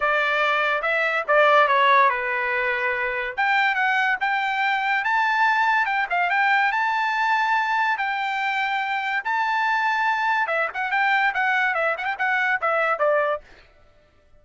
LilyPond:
\new Staff \with { instrumentName = "trumpet" } { \time 4/4 \tempo 4 = 143 d''2 e''4 d''4 | cis''4 b'2. | g''4 fis''4 g''2 | a''2 g''8 f''8 g''4 |
a''2. g''4~ | g''2 a''2~ | a''4 e''8 fis''8 g''4 fis''4 | e''8 fis''16 g''16 fis''4 e''4 d''4 | }